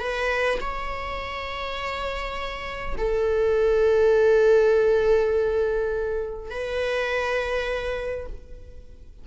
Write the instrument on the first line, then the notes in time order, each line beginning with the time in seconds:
viola
0.00 B4
0.61 C#5
2.98 A4
6.50 B4